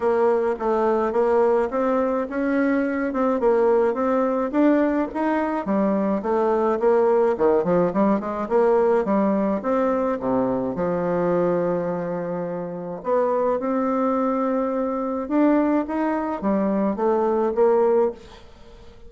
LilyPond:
\new Staff \with { instrumentName = "bassoon" } { \time 4/4 \tempo 4 = 106 ais4 a4 ais4 c'4 | cis'4. c'8 ais4 c'4 | d'4 dis'4 g4 a4 | ais4 dis8 f8 g8 gis8 ais4 |
g4 c'4 c4 f4~ | f2. b4 | c'2. d'4 | dis'4 g4 a4 ais4 | }